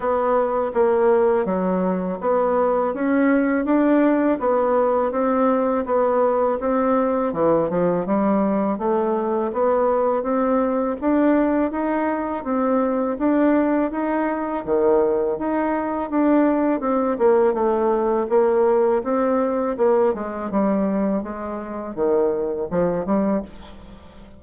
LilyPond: \new Staff \with { instrumentName = "bassoon" } { \time 4/4 \tempo 4 = 82 b4 ais4 fis4 b4 | cis'4 d'4 b4 c'4 | b4 c'4 e8 f8 g4 | a4 b4 c'4 d'4 |
dis'4 c'4 d'4 dis'4 | dis4 dis'4 d'4 c'8 ais8 | a4 ais4 c'4 ais8 gis8 | g4 gis4 dis4 f8 g8 | }